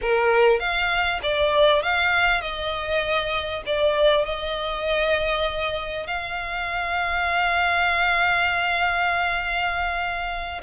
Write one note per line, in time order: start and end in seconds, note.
0.01 0.59 A#4
0.59 1.20 F5
1.22 1.82 D5
1.82 2.41 F5
2.41 3.62 D#5
3.66 4.25 D5
4.25 6.06 D#5
6.06 10.61 F5